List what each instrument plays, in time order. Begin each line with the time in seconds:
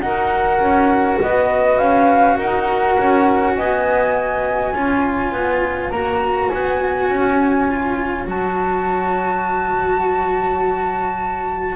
0.00 double bass D#4, cello F#4, saxophone A#4, flute F#5
0.59 double bass C#4
1.21 double bass B3, saxophone B4, flute D#5
1.78 double bass C#4, flute F5
2.36 double bass D#4, saxophone A#4, flute F#5
2.98 double bass C#4
3.56 double bass B3, saxophone D#5, flute G#5
4.73 double bass C#4, cello F4, saxophone C#5
5.32 double bass B3
5.90 double bass A#3, cello F#4, flute A#5
6.48 double bass B3, flute G#5
7.08 double bass C#4
7.69 cello F4
8.25 double bass F#3, cello F#4, flute A5